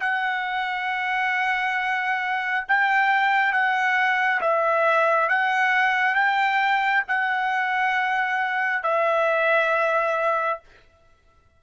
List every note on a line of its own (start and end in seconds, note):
0.00 2.65 F#5
2.68 3.53 G5
3.53 4.41 F#5
4.41 5.29 E5
5.29 6.15 F#5
6.15 7.03 G5
7.07 8.83 F#5
8.83 10.60 E5